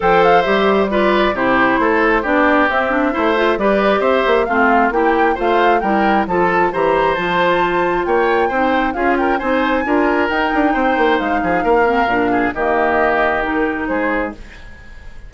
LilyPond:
<<
  \new Staff \with { instrumentName = "flute" } { \time 4/4 \tempo 4 = 134 g''8 f''8 e''4 d''4 c''4~ | c''4 d''4 e''2 | d''4 e''4 f''4 g''4 | f''4 g''4 a''4 ais''4 |
a''2 g''2 | f''8 g''8 gis''2 g''4~ | g''4 f''2. | dis''2 ais'4 c''4 | }
  \new Staff \with { instrumentName = "oboe" } { \time 4/4 c''2 b'4 g'4 | a'4 g'2 c''4 | b'4 c''4 f'4 g'4 | c''4 ais'4 a'4 c''4~ |
c''2 cis''4 c''4 | gis'8 ais'8 c''4 ais'2 | c''4. gis'8 ais'4. gis'8 | g'2. gis'4 | }
  \new Staff \with { instrumentName = "clarinet" } { \time 4/4 a'4 g'4 f'4 e'4~ | e'4 d'4 c'8 d'8 e'8 f'8 | g'2 c'4 e'4 | f'4 e'4 f'4 g'4 |
f'2. dis'4 | f'4 dis'4 f'4 dis'4~ | dis'2~ dis'8 c'8 d'4 | ais2 dis'2 | }
  \new Staff \with { instrumentName = "bassoon" } { \time 4/4 f4 g2 c4 | a4 b4 c'4 a4 | g4 c'8 ais8 a4 ais4 | a4 g4 f4 e4 |
f2 ais4 c'4 | cis'4 c'4 d'4 dis'8 d'8 | c'8 ais8 gis8 f8 ais4 ais,4 | dis2. gis4 | }
>>